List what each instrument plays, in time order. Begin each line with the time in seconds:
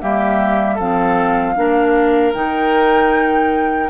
0.00 bassoon G3, clarinet A#3, oboe G4, flute E5
0.75 bassoon F3, clarinet C4, oboe A4, flute F5
1.56 bassoon A#3, clarinet D4, oboe A#4
2.34 bassoon D#3, clarinet D#4, flute G5